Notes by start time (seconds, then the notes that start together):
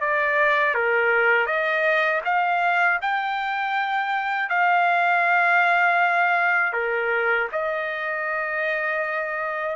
0.00 D5
0.74 A#4
1.46 D#5
2.24 F5
3.01 G5
4.49 F5
6.73 A#4
7.52 D#5